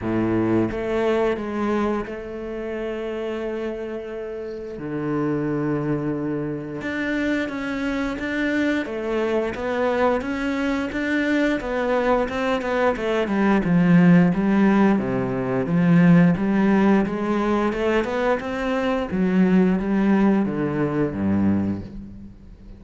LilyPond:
\new Staff \with { instrumentName = "cello" } { \time 4/4 \tempo 4 = 88 a,4 a4 gis4 a4~ | a2. d4~ | d2 d'4 cis'4 | d'4 a4 b4 cis'4 |
d'4 b4 c'8 b8 a8 g8 | f4 g4 c4 f4 | g4 gis4 a8 b8 c'4 | fis4 g4 d4 g,4 | }